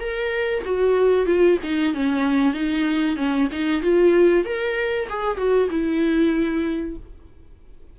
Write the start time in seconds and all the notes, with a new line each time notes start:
0.00 A#4
0.65 F#4
1.26 F4
1.63 D#4
1.94 C#4
2.54 D#4
3.17 C#4
3.52 D#4
3.82 F4
4.45 A#4
5.09 G#4
5.37 F#4
5.70 E4